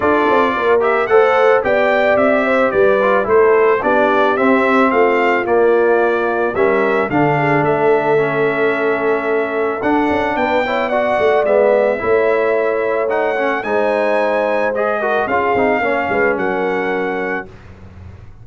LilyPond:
<<
  \new Staff \with { instrumentName = "trumpet" } { \time 4/4 \tempo 4 = 110 d''4. e''8 fis''4 g''4 | e''4 d''4 c''4 d''4 | e''4 f''4 d''2 | e''4 f''4 e''2~ |
e''2 fis''4 g''4 | fis''4 e''2. | fis''4 gis''2 dis''4 | f''2 fis''2 | }
  \new Staff \with { instrumentName = "horn" } { \time 4/4 a'4 ais'4 c''4 d''4~ | d''8 c''8 b'4 a'4 g'4~ | g'4 f'2. | ais'4 a'8 gis'8 a'2~ |
a'2. b'8 cis''8 | d''2 cis''2~ | cis''4 c''2~ c''8 ais'8 | gis'4 cis''8 b'8 ais'2 | }
  \new Staff \with { instrumentName = "trombone" } { \time 4/4 f'4. g'8 a'4 g'4~ | g'4. f'8 e'4 d'4 | c'2 ais2 | cis'4 d'2 cis'4~ |
cis'2 d'4. e'8 | fis'4 b4 e'2 | dis'8 cis'8 dis'2 gis'8 fis'8 | f'8 dis'8 cis'2. | }
  \new Staff \with { instrumentName = "tuba" } { \time 4/4 d'8 c'8 ais4 a4 b4 | c'4 g4 a4 b4 | c'4 a4 ais2 | g4 d4 a2~ |
a2 d'8 cis'8 b4~ | b8 a8 gis4 a2~ | a4 gis2. | cis'8 c'8 ais8 gis8 fis2 | }
>>